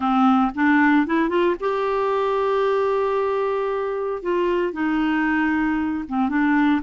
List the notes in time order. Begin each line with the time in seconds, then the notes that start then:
0.00 C4
0.54 D4
1.06 E4
1.29 F4
1.59 G4
4.22 F4
4.72 D#4
6.08 C4
6.29 D4